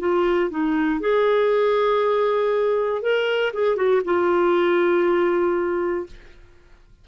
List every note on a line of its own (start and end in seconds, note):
0.00 0.50 F4
0.51 1.01 D#4
1.01 3.02 G#4
3.02 3.53 A#4
3.54 3.77 G#4
3.77 4.02 F#4
4.05 6.07 F4